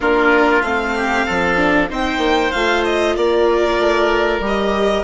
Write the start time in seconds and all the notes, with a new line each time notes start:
0.00 A#3 D4 F4 A#4
0.61 A3 C4 F5
0.95 G4
1.26 F3 A4
1.56 D4
1.89 C4 D#4 C5 G5
2.18 A#3
2.51 A3 F4 F5
2.84 D#5
3.16 A#3 A#4 D5
3.79 A3
4.40 G3 G4
4.46 D#5